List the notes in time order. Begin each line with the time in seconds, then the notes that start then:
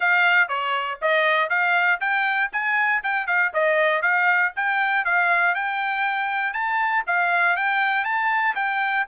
0.00 F5
0.48 C#5
1.01 D#5
1.49 F5
2.00 G5
2.52 G#5
3.03 G5
3.26 F5
3.53 D#5
4.02 F5
4.56 G5
5.04 F5
5.55 G5
6.53 A5
7.06 F5
7.56 G5
8.04 A5
8.55 G5